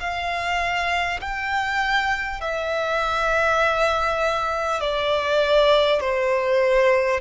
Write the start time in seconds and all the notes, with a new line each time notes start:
0.00 F5
1.20 G5
2.40 E5
4.80 D5
6.00 C5